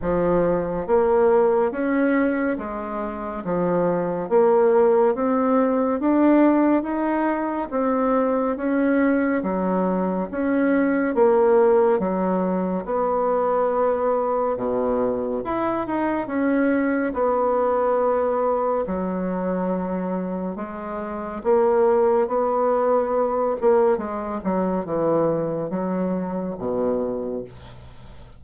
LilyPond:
\new Staff \with { instrumentName = "bassoon" } { \time 4/4 \tempo 4 = 70 f4 ais4 cis'4 gis4 | f4 ais4 c'4 d'4 | dis'4 c'4 cis'4 fis4 | cis'4 ais4 fis4 b4~ |
b4 b,4 e'8 dis'8 cis'4 | b2 fis2 | gis4 ais4 b4. ais8 | gis8 fis8 e4 fis4 b,4 | }